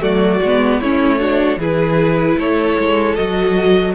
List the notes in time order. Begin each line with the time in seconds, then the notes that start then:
0.00 F#3 A3 F#4 D5
0.41 G#3 B3
0.80 A3 C#4 E4 C#5
1.19 D4 F#4
1.57 E3 E4 G#4 B4
2.38 A3 A4 C#5
2.79 G#3
3.16 F#3 F#4 D#5